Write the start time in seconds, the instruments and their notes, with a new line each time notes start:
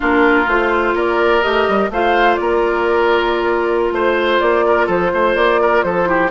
0.00 bassoon A#3, clarinet D4, oboe F4, flute A#4
0.46 bassoon A3, clarinet F4, flute C5
0.94 bassoon A#3, oboe A#4, flute D5
1.42 bassoon A3, clarinet G4, flute D#5
1.68 bassoon G3
1.90 bassoon A3, clarinet F4, oboe C5, flute F5
2.35 bassoon A#3, oboe A#4, flute D5
3.91 bassoon A3, flute C5, oboe C5
4.40 bassoon A#3, flute D5
4.66 oboe A#4
4.86 bassoon F3, oboe A4, flute C5
5.13 bassoon A3, oboe C5
5.35 bassoon A#3, flute D5
5.61 oboe A#4
5.82 bassoon F3, oboe A4, flute C5
6.05 clarinet E4, oboe G4